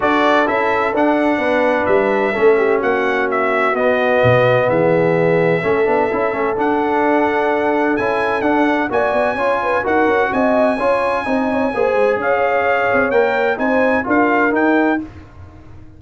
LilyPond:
<<
  \new Staff \with { instrumentName = "trumpet" } { \time 4/4 \tempo 4 = 128 d''4 e''4 fis''2 | e''2 fis''4 e''4 | dis''2 e''2~ | e''2 fis''2~ |
fis''4 gis''4 fis''4 gis''4~ | gis''4 fis''4 gis''2~ | gis''2 f''2 | g''4 gis''4 f''4 g''4 | }
  \new Staff \with { instrumentName = "horn" } { \time 4/4 a'2. b'4~ | b'4 a'8 g'8 fis'2~ | fis'2 gis'2 | a'1~ |
a'2. d''4 | cis''8 b'8 ais'4 dis''4 cis''4 | dis''8 cis''8 c''4 cis''2~ | cis''4 c''4 ais'2 | }
  \new Staff \with { instrumentName = "trombone" } { \time 4/4 fis'4 e'4 d'2~ | d'4 cis'2. | b1 | cis'8 d'8 e'8 cis'8 d'2~ |
d'4 e'4 d'4 fis'4 | f'4 fis'2 f'4 | dis'4 gis'2. | ais'4 dis'4 f'4 dis'4 | }
  \new Staff \with { instrumentName = "tuba" } { \time 4/4 d'4 cis'4 d'4 b4 | g4 a4 ais2 | b4 b,4 e2 | a8 b8 cis'8 a8 d'2~ |
d'4 cis'4 d'4 ais8 b8 | cis'4 dis'8 cis'8 c'4 cis'4 | c'4 ais8 gis8 cis'4. c'8 | ais4 c'4 d'4 dis'4 | }
>>